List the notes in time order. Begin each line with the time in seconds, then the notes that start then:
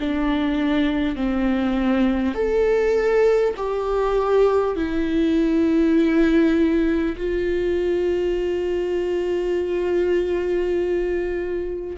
0.00 D4
1.16 C4
2.35 A4
3.57 G4
4.77 E4
7.17 F4